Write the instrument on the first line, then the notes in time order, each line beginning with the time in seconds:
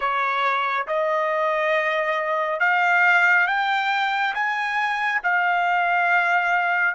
trumpet
0.00 C#5
0.87 D#5
2.60 F5
3.47 G5
4.34 G#5
5.23 F5